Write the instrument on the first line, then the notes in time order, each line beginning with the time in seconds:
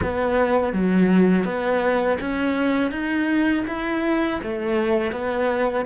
cello
0.02 B3
0.73 F#3
1.44 B3
2.20 C#4
2.91 D#4
3.67 E4
4.43 A3
5.12 B3